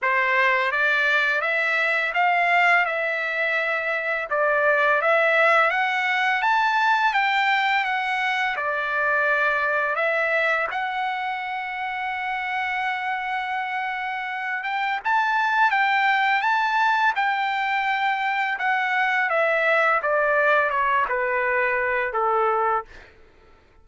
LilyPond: \new Staff \with { instrumentName = "trumpet" } { \time 4/4 \tempo 4 = 84 c''4 d''4 e''4 f''4 | e''2 d''4 e''4 | fis''4 a''4 g''4 fis''4 | d''2 e''4 fis''4~ |
fis''1~ | fis''8 g''8 a''4 g''4 a''4 | g''2 fis''4 e''4 | d''4 cis''8 b'4. a'4 | }